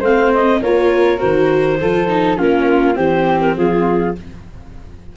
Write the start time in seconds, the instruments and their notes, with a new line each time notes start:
0.00 tuba A3, viola C4, flute C5, clarinet F5
0.34 clarinet D#5
0.61 tuba A#3, viola F4, flute A#4, clarinet C#5
1.18 tuba D#3, viola F#4, clarinet C5
1.81 tuba F3, viola F4, flute A4
2.08 viola D#4
2.37 tuba A#3, viola C#4, flute F4, clarinet A#4
2.94 tuba E3, viola C4, flute G4, clarinet C5
3.41 clarinet A#4
3.56 tuba F3, flute F4, clarinet G#4